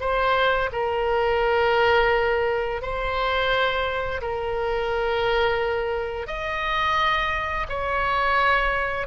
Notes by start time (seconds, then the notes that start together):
0.00 C5
0.72 A#4
2.81 C5
4.21 A#4
6.27 D#5
7.69 C#5